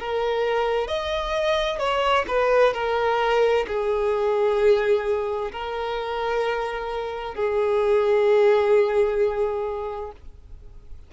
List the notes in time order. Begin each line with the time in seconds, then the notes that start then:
0.00 A#4
0.88 D#5
1.79 C#5
2.28 B4
2.74 A#4
3.67 G#4
5.52 A#4
7.35 G#4